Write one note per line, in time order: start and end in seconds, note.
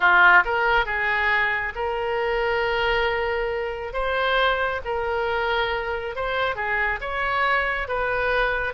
0.00 0.43 F4
0.45 0.85 A#4
0.85 1.73 G#4
1.75 3.93 A#4
3.93 4.81 C5
4.85 6.15 A#4
6.15 6.55 C5
6.55 6.99 G#4
7.01 7.88 C#5
7.88 8.73 B4